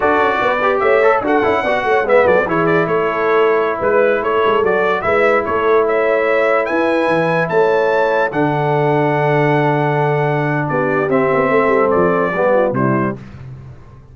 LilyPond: <<
  \new Staff \with { instrumentName = "trumpet" } { \time 4/4 \tempo 4 = 146 d''2 e''4 fis''4~ | fis''4 e''8 d''8 cis''8 d''8 cis''4~ | cis''4~ cis''16 b'4 cis''4 d''8.~ | d''16 e''4 cis''4 e''4.~ e''16~ |
e''16 gis''2 a''4.~ a''16~ | a''16 fis''2.~ fis''8.~ | fis''2 d''4 e''4~ | e''4 d''2 c''4 | }
  \new Staff \with { instrumentName = "horn" } { \time 4/4 a'4 b'4 cis''4 a'4 | d''8 cis''8 b'8 a'8 gis'4 a'4~ | a'4~ a'16 b'4 a'4.~ a'16~ | a'16 b'4 a'4 cis''4.~ cis''16~ |
cis''16 b'2 cis''4.~ cis''16~ | cis''16 a'2.~ a'8.~ | a'2 g'2 | a'2 g'8 f'8 e'4 | }
  \new Staff \with { instrumentName = "trombone" } { \time 4/4 fis'4. g'4 a'8 fis'8 e'8 | fis'4 b4 e'2~ | e'2.~ e'16 fis'8.~ | fis'16 e'2.~ e'8.~ |
e'1~ | e'16 d'2.~ d'8.~ | d'2. c'4~ | c'2 b4 g4 | }
  \new Staff \with { instrumentName = "tuba" } { \time 4/4 d'8 cis'8 b4 a4 d'8 cis'8 | b8 a8 gis8 fis8 e4 a4~ | a4~ a16 gis4 a8 gis8 fis8.~ | fis16 gis4 a2~ a8.~ |
a16 e'4 e4 a4.~ a16~ | a16 d2.~ d8.~ | d2 b4 c'8 b8 | a8 g8 f4 g4 c4 | }
>>